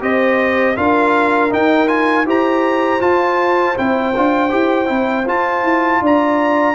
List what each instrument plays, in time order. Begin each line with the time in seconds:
0.00 tuba C4, trombone G4, horn C5, trumpet D#5
0.76 tuba D4, trombone F4, horn A#4, trumpet F5
1.50 trombone D#4, tuba D#4, trumpet G5
1.87 trombone F4, trumpet G#5
2.25 tuba E4, trombone G4, horn C5, trumpet A#5
3.00 trombone F4, tuba F4, trumpet A5
3.76 tuba C4, trombone E4, trumpet G5
4.15 tuba D4, trombone F4
4.50 tuba E4, trombone G4
4.86 tuba C4, trombone E4
5.26 tuba F4, trombone F4, trumpet A5
5.63 tuba E4
6.01 tuba D4, horn D5, trumpet A#5